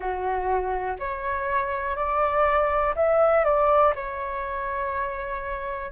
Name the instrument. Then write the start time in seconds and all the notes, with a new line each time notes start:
flute
0.00 F#4
0.99 C#5
1.96 D5
2.95 E5
3.44 D5
3.95 C#5